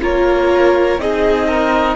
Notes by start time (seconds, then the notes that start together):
0.00 A#3 F4 A#4 C#5
0.98 C4 D#4 G#4 D#5
1.48 A#4